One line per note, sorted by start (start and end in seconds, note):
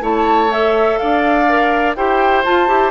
0.00 0.97 A3
0.00 0.49 E4
0.00 0.99 C#5
0.00 0.52 A5
0.49 1.45 A4
0.49 0.98 E5
0.98 1.96 D4
0.98 1.96 D5
0.98 1.94 F5
1.48 1.97 A#4
1.95 2.45 E4
1.95 2.44 G4
1.95 2.90 C5
1.95 2.44 G5
2.44 2.67 F4
2.44 2.68 F4
2.44 2.90 A5
2.67 2.90 E4
2.67 2.90 G4